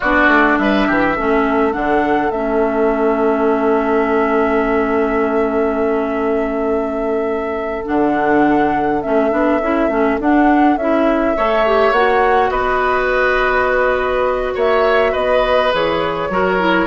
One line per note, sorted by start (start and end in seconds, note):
0.00 0.27 B3
0.00 1.17 D4
0.00 0.57 F#4
0.00 0.58 D5
0.27 0.56 A3
0.58 0.87 G3
0.58 0.87 B4
0.58 1.72 E5
0.87 1.18 E3
0.87 1.16 G4
1.16 1.75 A3
1.16 1.72 C#4
1.16 11.35 A4
1.72 2.30 D3
1.72 2.30 D4
1.72 2.30 F#5
2.30 7.83 A3
2.30 7.85 C#4
2.30 7.84 E5
7.85 9.05 D3
7.85 9.01 D4
7.85 9.02 F#5
9.02 9.31 A3
9.02 9.31 C#4
9.02 10.18 E5
9.31 9.60 B3
9.31 9.60 D4
9.60 9.88 C#4
9.60 9.90 E4
9.88 10.17 A3
9.88 10.19 C#4
10.19 10.76 D4
10.19 10.79 D4
10.19 10.77 F#5
10.76 11.35 C#4
10.76 11.36 E4
10.76 11.92 E5
11.36 11.91 A3
11.36 11.65 A4
11.36 12.50 C#5
11.65 11.95 G4
11.91 12.50 A#3
11.91 15.71 F#4
11.91 12.50 F#5
12.50 14.54 B3
12.50 14.54 B4
12.50 14.54 D#5
14.54 15.13 A#3
14.54 15.11 C#5
14.54 15.14 E5
15.11 15.73 B3
15.11 16.28 B4
15.11 15.72 D#5
15.71 16.29 E3
15.71 16.30 G#4
15.71 16.87 C#5
16.29 16.87 F#3
16.29 16.59 F#4
16.29 16.87 A#4
16.59 16.87 E4